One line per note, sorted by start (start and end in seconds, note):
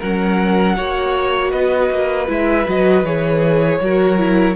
0.00 0.78 F#3
0.00 0.78 C#4
0.00 0.76 A#4
0.00 1.52 F#5
0.77 1.53 A#3
0.77 2.28 F#4
0.77 1.51 C#5
1.51 1.91 B3
1.51 3.79 B4
1.51 2.28 D#5
1.91 2.29 A#3
2.28 2.67 G#3
2.28 2.66 E4
2.28 2.70 E5
2.66 3.04 F#3
2.66 3.04 F#4
2.66 3.06 D#5
3.04 3.80 E3
3.04 3.81 G#4
3.04 4.56 C#5
3.81 4.56 F#3
3.81 4.18 F#4
3.81 4.56 A#4
4.18 4.56 E4